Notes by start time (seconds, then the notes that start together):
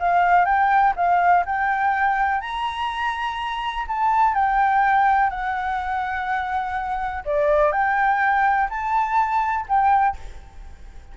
0.00 F5
0.45 G5
0.96 F5
1.46 G5
2.41 A#5
3.88 A5
4.35 G5
5.30 F#5
7.26 D5
7.72 G5
8.70 A5
9.68 G5